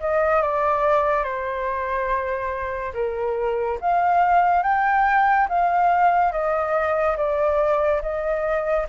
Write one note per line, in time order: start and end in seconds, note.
0.00 0.42 D#5
0.42 1.24 D5
1.24 2.93 C5
2.93 3.78 A#4
3.81 4.63 F5
4.63 5.47 G5
5.49 6.32 F5
6.32 7.16 D#5
7.17 8.01 D5
8.02 8.87 D#5